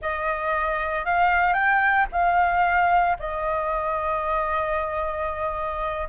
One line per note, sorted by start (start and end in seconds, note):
0.01 1.05 D#5
1.05 1.53 F5
1.53 2.06 G5
2.12 3.17 F5
3.19 6.08 D#5